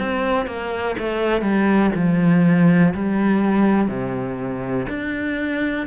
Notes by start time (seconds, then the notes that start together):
0.00 C4
0.47 A#3
0.99 A3
1.42 G3
1.95 F3
2.94 G3
3.89 C3
4.89 D4